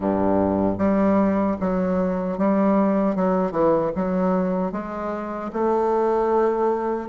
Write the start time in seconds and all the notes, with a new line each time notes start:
0.00 G2
0.78 G3
1.60 F#3
2.38 G3
3.15 F#3
3.51 E3
3.95 F#3
4.72 G#3
5.52 A3